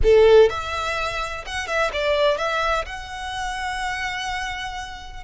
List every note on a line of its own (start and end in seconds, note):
0.03 0.49 A4
0.49 1.44 E5
1.45 1.67 F#5
1.67 1.90 E5
1.92 2.37 D5
2.37 2.85 E5
2.85 5.23 F#5